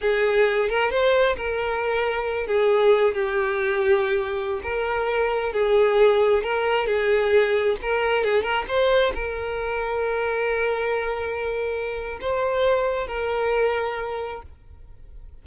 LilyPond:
\new Staff \with { instrumentName = "violin" } { \time 4/4 \tempo 4 = 133 gis'4. ais'8 c''4 ais'4~ | ais'4. gis'4. g'4~ | g'2~ g'16 ais'4.~ ais'16~ | ais'16 gis'2 ais'4 gis'8.~ |
gis'4~ gis'16 ais'4 gis'8 ais'8 c''8.~ | c''16 ais'2.~ ais'8.~ | ais'2. c''4~ | c''4 ais'2. | }